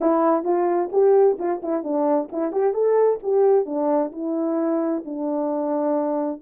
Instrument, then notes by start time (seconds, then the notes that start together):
horn
0.00 E4
0.44 F4
0.92 G4
1.38 F4
1.62 E4
1.83 D4
2.32 E4
2.51 G4
2.73 A4
3.22 G4
3.65 D4
4.12 E4
5.05 D4